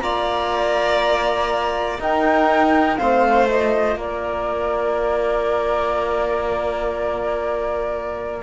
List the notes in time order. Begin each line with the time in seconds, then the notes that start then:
0.00 A#3 F4 D5 A#5
1.99 D#4 A#4 G5
2.97 A3 C4 C5 F5
3.47 F4 D#5
3.95 A#3 A#4 D5